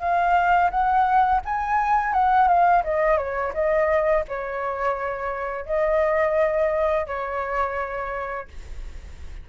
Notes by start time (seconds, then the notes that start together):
0.00 F5
0.71 F#5
1.45 G#5
2.13 F#5
2.48 F5
2.84 D#5
3.18 C#5
3.54 D#5
4.29 C#5
5.66 D#5
7.07 C#5